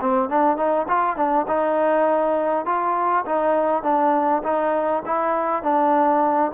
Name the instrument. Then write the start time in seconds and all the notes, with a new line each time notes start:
trombone
0.00 C4
0.29 D4
0.56 D#4
0.88 F4
1.16 D4
1.47 D#4
2.65 F4
3.25 D#4
3.83 D4
4.43 D#4
5.05 E4
5.62 D4